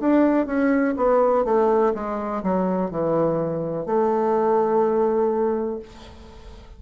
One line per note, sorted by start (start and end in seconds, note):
0.00 0.46 D4
0.46 0.95 C#4
0.97 1.45 B3
1.45 1.93 A3
1.94 2.43 G#3
2.43 2.91 F#3
2.91 3.86 E3
3.86 5.79 A3